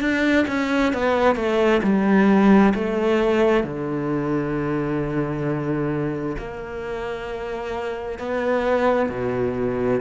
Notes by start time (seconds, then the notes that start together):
0.00 D4
0.48 C#4
0.93 B3
1.35 A3
1.82 G3
2.74 A3
3.63 D3
6.38 A#3
8.18 B3
9.09 B2